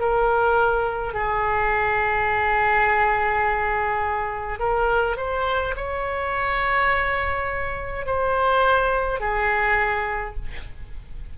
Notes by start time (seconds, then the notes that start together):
0.00 A#4
1.14 G#4
4.59 A#4
5.17 C5
5.76 C#5
8.06 C5
9.20 G#4